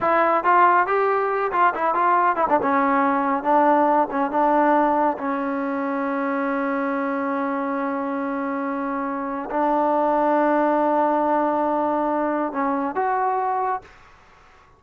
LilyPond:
\new Staff \with { instrumentName = "trombone" } { \time 4/4 \tempo 4 = 139 e'4 f'4 g'4. f'8 | e'8 f'4 e'16 d'16 cis'2 | d'4. cis'8 d'2 | cis'1~ |
cis'1~ | cis'2 d'2~ | d'1~ | d'4 cis'4 fis'2 | }